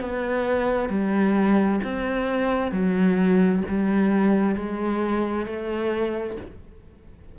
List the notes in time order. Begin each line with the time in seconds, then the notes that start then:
0.00 B3
0.89 G3
1.83 C4
2.71 F#3
3.68 G3
4.55 G#3
5.46 A3